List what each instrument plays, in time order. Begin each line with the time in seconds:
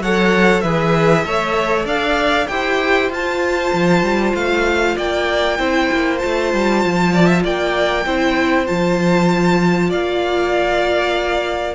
0.00 cello F#3, viola A4, violin C#5 F#5
0.61 cello E3, viola G#4, violin B4 E5
1.25 cello A3, viola A4, violin C#5
1.85 cello D4, violin D5 F5
2.47 cello E4, viola G4, violin C5 G5
3.10 cello F4, viola F4, violin A5
3.73 cello F3
4.02 cello G3
4.34 cello A3, violin F5
4.96 cello A#3, violin D5 G5
5.58 cello C4, viola E4, violin C5
5.92 cello A#3
6.18 cello A3, viola F4, violin A5
6.54 cello G3
6.84 cello F3
7.13 violin D5
7.26 violin E5
7.43 cello A#3, violin D5 G5
8.05 cello C4, viola E4, violin C5
8.65 cello F3, viola F4, violin A5
9.89 cello A#3, violin D5 F5